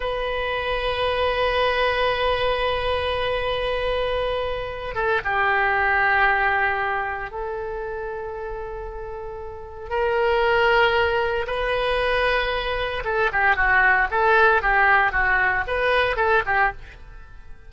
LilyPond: \new Staff \with { instrumentName = "oboe" } { \time 4/4 \tempo 4 = 115 b'1~ | b'1~ | b'4. a'8 g'2~ | g'2 a'2~ |
a'2. ais'4~ | ais'2 b'2~ | b'4 a'8 g'8 fis'4 a'4 | g'4 fis'4 b'4 a'8 g'8 | }